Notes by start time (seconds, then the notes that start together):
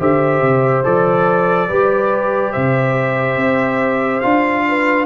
0.00 D3 G4 C5 E5
0.41 C3
0.84 F3 A4 D5
1.69 G3 G4 B4
2.52 C3 C5 E5
3.37 C4
4.21 D4 F4 F5
4.68 B4